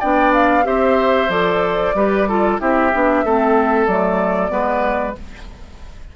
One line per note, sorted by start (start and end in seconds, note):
0.00 0.66 B3
0.00 0.64 D4
0.00 0.65 D5
0.00 0.33 G5
0.34 0.66 F5
0.64 1.29 C4
0.64 1.28 G4
0.64 1.96 C5
0.64 1.30 E5
1.29 1.94 F3
1.29 1.95 A4
1.29 2.59 D5
1.94 2.59 G3
1.94 2.28 G4
1.94 2.28 B4
2.28 2.59 F4
2.28 2.61 A4
2.59 2.93 C4
2.59 2.91 E4
2.59 3.25 G4
2.59 3.87 E5
2.93 3.24 B3
2.93 3.25 D4
3.24 3.87 A3
3.24 3.89 C4
3.24 4.52 A4
3.87 4.51 F#3
3.87 4.49 A3
3.87 5.16 D5
4.49 5.15 G#3
4.49 5.13 B3
4.49 5.16 B4